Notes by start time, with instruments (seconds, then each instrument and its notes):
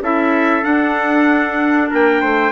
0.00 bassoon C#4, clarinet E4, trumpet A4 E5
0.62 clarinet D4, bassoon D4, trumpet F#5
1.90 bassoon A#3, trumpet A#4 G5
2.21 bassoon A3, trumpet C5